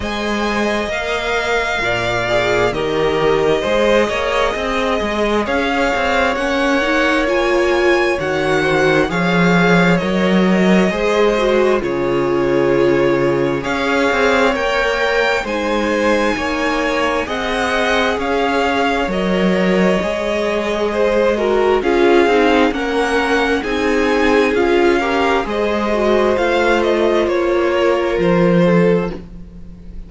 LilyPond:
<<
  \new Staff \with { instrumentName = "violin" } { \time 4/4 \tempo 4 = 66 gis''4 f''2 dis''4~ | dis''2 f''4 fis''4 | gis''4 fis''4 f''4 dis''4~ | dis''4 cis''2 f''4 |
g''4 gis''2 fis''4 | f''4 dis''2. | f''4 fis''4 gis''4 f''4 | dis''4 f''8 dis''8 cis''4 c''4 | }
  \new Staff \with { instrumentName = "violin" } { \time 4/4 dis''2 d''4 ais'4 | c''8 cis''8 dis''4 cis''2~ | cis''4. c''8 cis''2 | c''4 gis'2 cis''4~ |
cis''4 c''4 cis''4 dis''4 | cis''2. c''8 ais'8 | gis'4 ais'4 gis'4. ais'8 | c''2~ c''8 ais'4 a'8 | }
  \new Staff \with { instrumentName = "viola" } { \time 4/4 c''4 ais'4. gis'8 g'4 | gis'2. cis'8 dis'8 | f'4 fis'4 gis'4 ais'4 | gis'8 fis'8 f'2 gis'4 |
ais'4 dis'2 gis'4~ | gis'4 ais'4 gis'4. fis'8 | f'8 dis'8 cis'4 dis'4 f'8 g'8 | gis'8 fis'8 f'2. | }
  \new Staff \with { instrumentName = "cello" } { \time 4/4 gis4 ais4 ais,4 dis4 | gis8 ais8 c'8 gis8 cis'8 c'8 ais4~ | ais4 dis4 f4 fis4 | gis4 cis2 cis'8 c'8 |
ais4 gis4 ais4 c'4 | cis'4 fis4 gis2 | cis'8 c'8 ais4 c'4 cis'4 | gis4 a4 ais4 f4 | }
>>